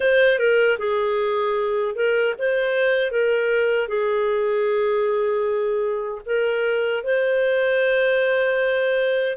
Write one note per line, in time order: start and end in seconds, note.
0.00 0.39 C5
0.39 0.78 A#4
0.78 1.95 G#4
1.95 2.34 A#4
2.38 3.11 C5
3.11 3.87 A#4
3.87 6.21 G#4
6.25 7.03 A#4
7.03 9.36 C5